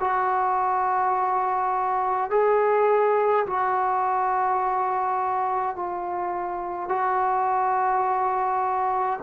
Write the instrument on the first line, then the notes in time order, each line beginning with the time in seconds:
trombone
0.00 F#4
2.31 G#4
3.47 F#4
5.76 F4
6.89 F#4